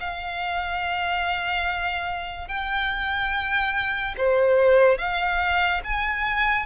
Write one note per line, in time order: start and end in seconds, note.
0.00 2.48 F5
2.48 4.15 G5
4.18 4.98 C5
4.98 5.81 F5
5.84 6.66 G#5